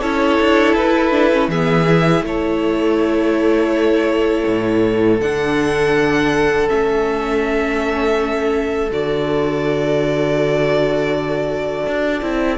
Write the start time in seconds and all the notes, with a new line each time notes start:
0.00 C#4 E4 A4 C#5
0.40 D4
0.75 E4 B4
1.11 D4
1.33 C#4
1.48 E3 B3 G#4 E5
1.85 E4
2.21 A3 A4 C#5
4.47 A2
5.20 D3 D4 F#5
6.68 A3 C#4 E5
8.90 D3 F#4 D5
11.87 D4
12.22 C4 E4